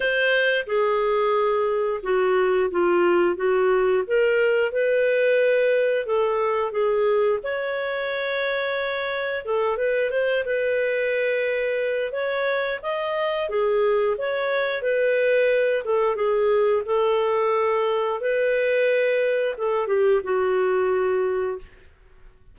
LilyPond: \new Staff \with { instrumentName = "clarinet" } { \time 4/4 \tempo 4 = 89 c''4 gis'2 fis'4 | f'4 fis'4 ais'4 b'4~ | b'4 a'4 gis'4 cis''4~ | cis''2 a'8 b'8 c''8 b'8~ |
b'2 cis''4 dis''4 | gis'4 cis''4 b'4. a'8 | gis'4 a'2 b'4~ | b'4 a'8 g'8 fis'2 | }